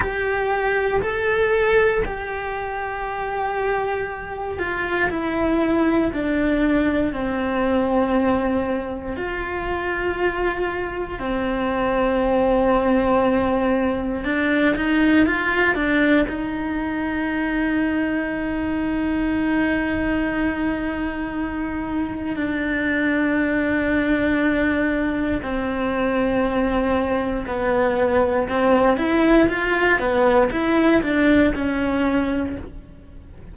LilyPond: \new Staff \with { instrumentName = "cello" } { \time 4/4 \tempo 4 = 59 g'4 a'4 g'2~ | g'8 f'8 e'4 d'4 c'4~ | c'4 f'2 c'4~ | c'2 d'8 dis'8 f'8 d'8 |
dis'1~ | dis'2 d'2~ | d'4 c'2 b4 | c'8 e'8 f'8 b8 e'8 d'8 cis'4 | }